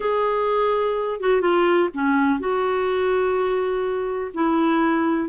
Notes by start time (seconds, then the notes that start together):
0.00 G#4
1.20 F#4
1.41 F4
1.94 C#4
2.39 F#4
4.34 E4